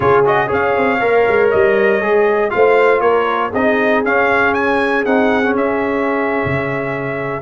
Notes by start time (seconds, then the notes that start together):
0.00 C#3 F4 G#4 C#5
0.25 F#4 D#5
0.47 C#4 G#4 C#5 F5
0.76 C4
1.00 A#3 A#4
1.27 G#3
1.50 G3 D#5
2.00 G#3 G#4
2.49 A3 F4 C5 F5
3.00 A#3 A#4 C#5
3.50 C4 D#4 G#4 D#5
4.03 C#4 F5
4.54 G#5
5.05 C4 D#4 F#5
5.43 C#4
5.55 C#4 E5
6.45 C#3